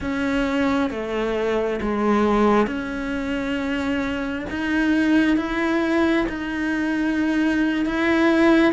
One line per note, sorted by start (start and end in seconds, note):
0.00 0.90 C#4
0.90 1.80 A3
1.81 2.66 G#3
2.66 4.45 C#4
4.50 5.36 D#4
5.36 6.26 E4
6.28 7.85 D#4
7.85 8.72 E4